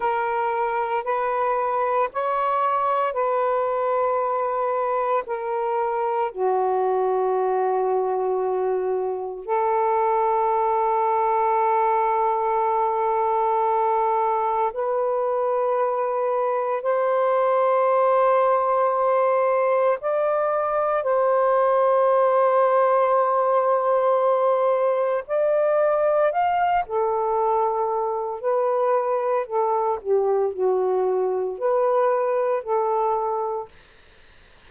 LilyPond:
\new Staff \with { instrumentName = "saxophone" } { \time 4/4 \tempo 4 = 57 ais'4 b'4 cis''4 b'4~ | b'4 ais'4 fis'2~ | fis'4 a'2.~ | a'2 b'2 |
c''2. d''4 | c''1 | d''4 f''8 a'4. b'4 | a'8 g'8 fis'4 b'4 a'4 | }